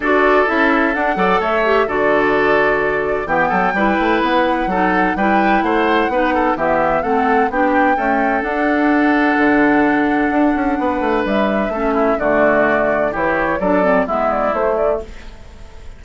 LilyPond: <<
  \new Staff \with { instrumentName = "flute" } { \time 4/4 \tempo 4 = 128 d''4 e''4 fis''4 e''4 | d''2. g''4~ | g''4 fis''2 g''4 | fis''2 e''4 fis''4 |
g''2 fis''2~ | fis''1 | e''2 d''2 | cis''4 d''4 e''8 d''8 c''8 d''8 | }
  \new Staff \with { instrumentName = "oboe" } { \time 4/4 a'2~ a'8 d''8 cis''4 | a'2. g'8 a'8 | b'2 a'4 b'4 | c''4 b'8 a'8 g'4 a'4 |
g'4 a'2.~ | a'2. b'4~ | b'4 a'8 e'8 fis'2 | g'4 a'4 e'2 | }
  \new Staff \with { instrumentName = "clarinet" } { \time 4/4 fis'4 e'4 d'8 a'4 g'8 | fis'2. b4 | e'2 dis'4 e'4~ | e'4 dis'4 b4 c'4 |
d'4 a4 d'2~ | d'1~ | d'4 cis'4 a2 | e'4 d'8 c'8 b4 a4 | }
  \new Staff \with { instrumentName = "bassoon" } { \time 4/4 d'4 cis'4 d'8 fis8 a4 | d2. e8 fis8 | g8 a8 b4 fis4 g4 | a4 b4 e4 a4 |
b4 cis'4 d'2 | d2 d'8 cis'8 b8 a8 | g4 a4 d2 | e4 fis4 gis4 a4 | }
>>